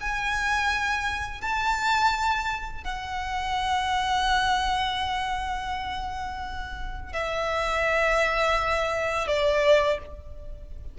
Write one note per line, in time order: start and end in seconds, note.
0.00 1.41 G#5
1.41 2.84 A5
2.84 7.12 F#5
7.12 9.27 E5
9.27 9.98 D5